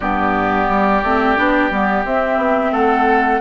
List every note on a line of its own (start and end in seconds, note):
0.00 0.69 G2
0.00 1.03 B3
0.00 2.72 G4
0.00 2.04 D5
0.69 1.03 G3
1.03 1.37 A3
1.03 1.36 C4
1.36 1.70 B3
1.36 1.70 D4
1.70 2.04 G3
1.70 2.05 B3
2.04 2.37 C4
2.04 3.40 C4
2.04 2.73 E5
2.37 2.71 B3
2.71 3.40 A3
2.71 3.40 A4
2.71 3.40 F#5